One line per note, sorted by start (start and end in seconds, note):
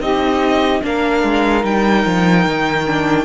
0.00 0.81 C4
0.00 0.82 D#4
0.00 0.82 G4
0.00 0.82 D#5
0.82 1.23 A#3
0.82 1.62 D4
0.82 3.25 A#4
0.82 1.65 F5
1.23 1.64 G#3
1.62 2.05 G3
1.62 2.84 D#4
1.62 3.25 G5
2.05 2.46 F3
2.46 3.25 D#3
2.87 3.25 D4